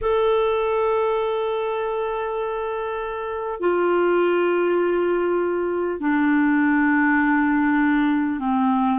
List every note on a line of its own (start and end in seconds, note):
0.01 3.59 A4
3.59 5.99 F4
6.00 8.39 D4
8.39 8.99 C4